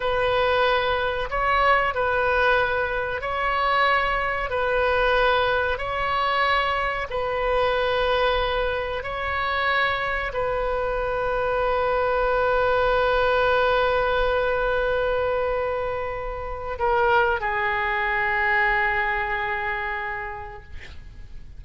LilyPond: \new Staff \with { instrumentName = "oboe" } { \time 4/4 \tempo 4 = 93 b'2 cis''4 b'4~ | b'4 cis''2 b'4~ | b'4 cis''2 b'4~ | b'2 cis''2 |
b'1~ | b'1~ | b'2 ais'4 gis'4~ | gis'1 | }